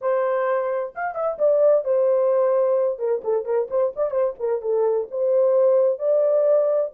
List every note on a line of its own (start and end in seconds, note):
0.01 0.93 C5
0.95 1.14 F5
1.14 1.37 E5
1.38 1.84 D5
1.84 2.98 C5
2.98 3.21 A#4
3.23 3.45 A4
3.45 3.68 A#4
3.70 3.93 C5
3.95 4.11 D5
4.11 4.34 C5
4.39 4.61 A#4
4.61 5.07 A4
5.10 5.99 C5
5.99 6.91 D5